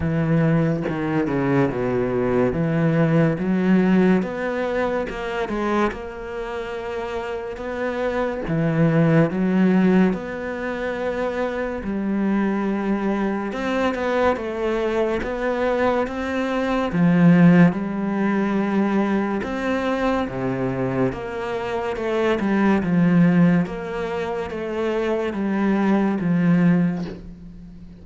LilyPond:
\new Staff \with { instrumentName = "cello" } { \time 4/4 \tempo 4 = 71 e4 dis8 cis8 b,4 e4 | fis4 b4 ais8 gis8 ais4~ | ais4 b4 e4 fis4 | b2 g2 |
c'8 b8 a4 b4 c'4 | f4 g2 c'4 | c4 ais4 a8 g8 f4 | ais4 a4 g4 f4 | }